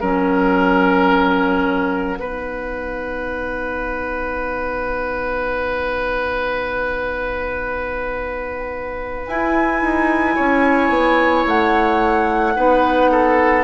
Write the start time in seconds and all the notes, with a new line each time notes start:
0.00 F#3 C#4 A#4 F#5
2.19 B3 D#4 B4
9.27 E4 G#5
9.81 D#4
10.35 C#4 C#5
10.89 B3
11.47 A3 F#5
12.55 B3 D#4 B4
13.11 A4